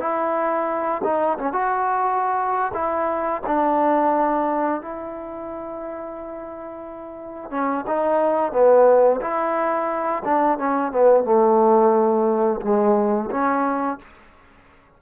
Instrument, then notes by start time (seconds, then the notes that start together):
trombone
0.00 E4
1.04 D#4
1.39 C#4
1.53 F#4
2.74 E4
3.47 D4
4.82 E4
7.51 C#4
7.87 D#4
8.53 B3
9.21 E4
10.25 D4
10.59 C#4
10.92 B3
11.25 A3
12.62 G#3
13.31 C#4